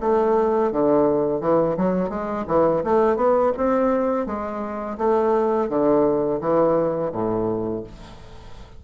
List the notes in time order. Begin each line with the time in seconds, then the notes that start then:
0.00 A3
0.71 D3
1.40 E3
1.77 F#3
2.09 G#3
2.47 E3
2.83 A3
3.16 B3
3.56 C4
4.26 G#3
4.97 A3
5.69 D3
6.40 E3
7.12 A2